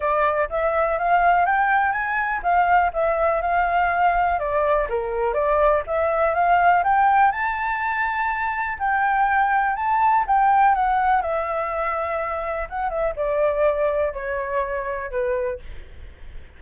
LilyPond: \new Staff \with { instrumentName = "flute" } { \time 4/4 \tempo 4 = 123 d''4 e''4 f''4 g''4 | gis''4 f''4 e''4 f''4~ | f''4 d''4 ais'4 d''4 | e''4 f''4 g''4 a''4~ |
a''2 g''2 | a''4 g''4 fis''4 e''4~ | e''2 fis''8 e''8 d''4~ | d''4 cis''2 b'4 | }